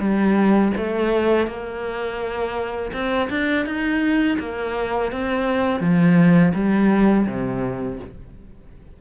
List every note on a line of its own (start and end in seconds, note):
0.00 0.72 G3
0.77 1.47 A3
1.47 2.91 A#3
2.93 3.29 C4
3.30 3.66 D4
3.66 4.38 D#4
4.39 5.12 A#3
5.12 5.80 C4
5.80 6.53 F3
6.54 7.27 G3
7.27 7.99 C3